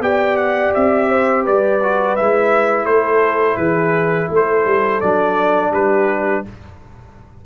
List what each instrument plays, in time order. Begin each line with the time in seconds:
0.00 tuba B3, trombone G4, horn D5, trumpet G5
0.37 trumpet F#5
0.74 tuba C4, trumpet E5
1.09 horn C5
1.44 tuba G3, horn B4, trumpet D5
1.83 trombone F#4
2.16 tuba G#3, trombone E4, trumpet E5
2.85 tuba A3, horn A4, trumpet C5
3.57 tuba E3, horn G#4, trumpet B4
4.31 tuba A3, horn A4, trumpet C5
4.66 tuba G3
5.01 tuba F#3, trombone D4, trumpet D5
5.71 tuba G3, horn G4, trumpet B4